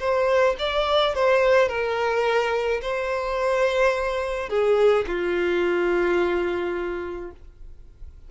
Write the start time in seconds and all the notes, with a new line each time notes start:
0.00 C5
0.59 D5
1.15 C5
1.69 A#4
2.82 C5
4.50 G#4
5.07 F4